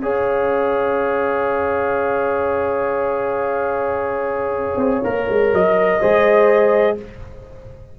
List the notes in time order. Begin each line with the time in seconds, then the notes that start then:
0.00 C#4 G#4 C#5 F5
4.77 C4
5.04 A#3 A#4
5.29 G#3
5.53 F#3 D#5
6.00 G#3 G#4 C5